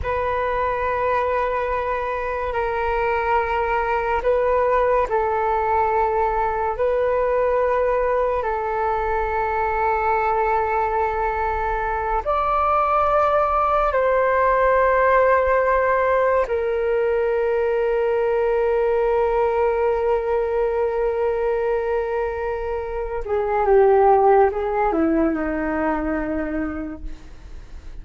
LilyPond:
\new Staff \with { instrumentName = "flute" } { \time 4/4 \tempo 4 = 71 b'2. ais'4~ | ais'4 b'4 a'2 | b'2 a'2~ | a'2~ a'8 d''4.~ |
d''8 c''2. ais'8~ | ais'1~ | ais'2.~ ais'8 gis'8 | g'4 gis'8 e'8 dis'2 | }